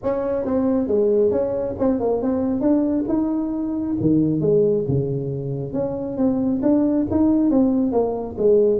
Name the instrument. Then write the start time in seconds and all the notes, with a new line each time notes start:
tuba
0.03 C#4
0.45 C4
0.87 G#3
1.31 C#4
1.78 C4
2.00 A#3
2.22 C4
2.60 D4
3.08 D#4
4.00 D#3
4.41 G#3
4.88 C#3
5.73 C#4
6.17 C4
6.62 D4
7.10 D#4
7.50 C4
7.92 A#3
8.37 G#3